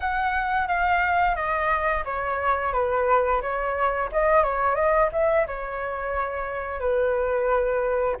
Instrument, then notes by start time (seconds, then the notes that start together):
flute
0.00 F#5
0.67 F5
1.35 D#5
2.04 C#5
2.73 B4
3.41 C#5
4.12 D#5
4.43 C#5
4.75 D#5
5.12 E5
5.46 C#5
6.79 B4